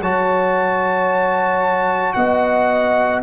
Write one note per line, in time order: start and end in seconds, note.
0.00 2.14 F#3
0.00 3.22 F#4
0.00 2.15 C#5
0.00 2.13 A5
2.13 3.22 B3
2.13 3.22 D#5
2.13 3.20 F#5